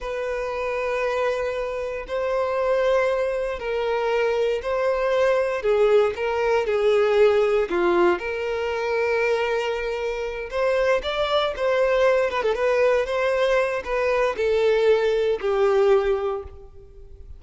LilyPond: \new Staff \with { instrumentName = "violin" } { \time 4/4 \tempo 4 = 117 b'1 | c''2. ais'4~ | ais'4 c''2 gis'4 | ais'4 gis'2 f'4 |
ais'1~ | ais'8 c''4 d''4 c''4. | b'16 a'16 b'4 c''4. b'4 | a'2 g'2 | }